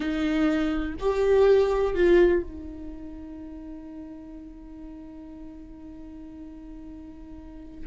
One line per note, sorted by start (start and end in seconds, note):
0.00 0.94 D#4
0.99 1.94 G4
1.94 2.42 F4
2.42 7.87 D#4